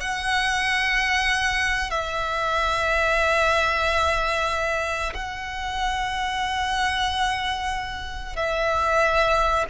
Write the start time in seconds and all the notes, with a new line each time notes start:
0.00 F#5
1.90 E5
5.13 F#5
8.36 E5